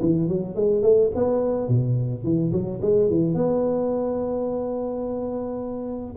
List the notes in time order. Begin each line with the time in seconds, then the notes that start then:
0.00 E3
0.28 F#3
0.55 G#3
0.82 A3
1.15 B3
1.68 B2
2.23 E3
2.52 F#3
2.82 G#3
3.09 E3
3.34 B3